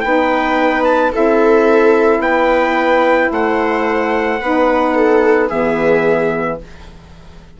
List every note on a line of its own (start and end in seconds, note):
0.00 1.13 B3
0.00 1.11 D#4
0.00 1.12 B4
0.00 0.82 G5
0.84 1.11 A5
1.11 2.19 C4
1.11 4.38 E4
1.11 2.21 A4
1.11 2.21 E5
2.19 3.28 B3
2.19 3.31 B4
2.19 3.30 G5
3.30 4.40 A3
3.30 4.40 C5
3.30 5.49 F#5
4.40 5.50 B3
4.40 5.49 D#4
4.40 4.95 B4
4.95 5.47 A4
5.47 6.59 E3
5.47 6.58 B3
5.47 6.56 G#4
5.47 6.58 E5